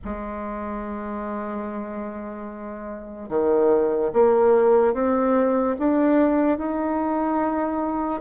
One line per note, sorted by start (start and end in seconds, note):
0.04 3.29 G#3
3.29 4.11 D#3
4.13 4.93 A#3
4.93 5.75 C4
5.79 6.58 D4
6.58 8.21 D#4